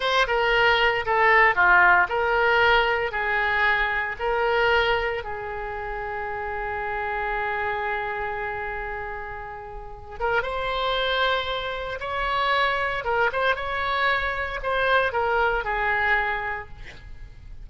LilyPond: \new Staff \with { instrumentName = "oboe" } { \time 4/4 \tempo 4 = 115 c''8 ais'4. a'4 f'4 | ais'2 gis'2 | ais'2 gis'2~ | gis'1~ |
gis'2.~ gis'8 ais'8 | c''2. cis''4~ | cis''4 ais'8 c''8 cis''2 | c''4 ais'4 gis'2 | }